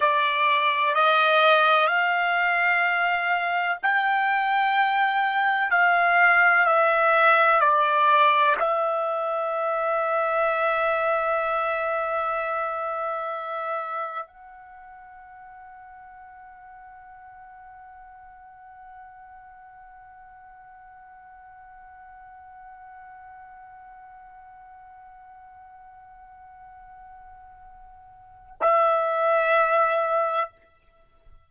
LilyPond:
\new Staff \with { instrumentName = "trumpet" } { \time 4/4 \tempo 4 = 63 d''4 dis''4 f''2 | g''2 f''4 e''4 | d''4 e''2.~ | e''2. fis''4~ |
fis''1~ | fis''1~ | fis''1~ | fis''2 e''2 | }